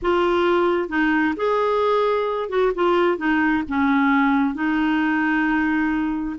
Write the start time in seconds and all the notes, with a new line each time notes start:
0.02 F4
0.88 D#4
1.36 G#4
2.49 F#4
2.75 F4
3.17 D#4
3.68 C#4
4.54 D#4